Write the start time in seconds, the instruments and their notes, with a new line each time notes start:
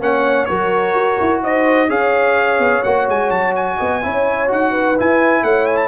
0.00 tuba A#3, trombone C#4, horn C#5, trumpet F#5
0.45 tuba F#3, trombone F#4, horn A#4, trumpet C#5
0.94 tuba F#4
1.20 tuba E4
1.43 tuba D#4, horn C5, trumpet D#5
1.89 tuba C#4, trombone G#4, horn C#5, trumpet F5
2.59 tuba B3
2.83 tuba A#3, trombone F#4, trumpet F#5
3.09 tuba G#3, trumpet G#5
3.30 tuba F#3, trumpet A5
3.56 trumpet G#5
3.77 tuba B3, horn D#5
4.02 tuba C#4, trombone E4, horn C#5
4.48 tuba D#4, trombone F#4, trumpet F#5
4.71 horn B4
4.97 trombone E4, tuba E4, trumpet G#5
5.43 tuba A3, horn C#5, trumpet F#5
5.66 trumpet G#5
5.77 trumpet A5